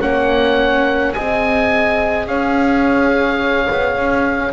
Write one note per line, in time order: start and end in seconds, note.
0.00 1.16 A#3
0.00 1.14 C#4
0.00 1.13 C#5
0.00 1.14 F#5
1.14 2.27 C4
1.14 4.53 G#4
1.14 2.29 D#5
1.14 2.27 G#5
2.27 3.68 C#4
2.27 4.53 C#5
2.27 4.53 F5
3.71 3.96 B3
3.96 4.53 C#4